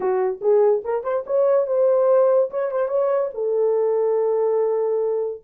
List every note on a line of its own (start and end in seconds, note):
0.00 0.40 F#4
0.41 0.82 G#4
0.84 1.03 A#4
1.03 1.24 C5
1.26 1.66 C#5
1.66 2.50 C5
2.50 2.71 C#5
2.71 2.87 C5
2.87 3.29 C#5
3.34 5.42 A4